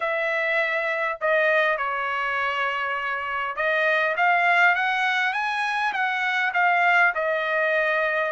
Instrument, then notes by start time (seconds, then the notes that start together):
trumpet
0.00 E5
1.20 D#5
1.77 C#5
3.56 D#5
4.16 F5
4.75 F#5
5.33 G#5
5.93 F#5
6.53 F5
7.14 D#5